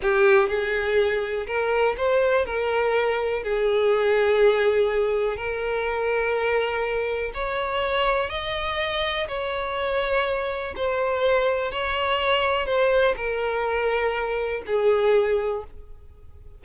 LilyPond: \new Staff \with { instrumentName = "violin" } { \time 4/4 \tempo 4 = 123 g'4 gis'2 ais'4 | c''4 ais'2 gis'4~ | gis'2. ais'4~ | ais'2. cis''4~ |
cis''4 dis''2 cis''4~ | cis''2 c''2 | cis''2 c''4 ais'4~ | ais'2 gis'2 | }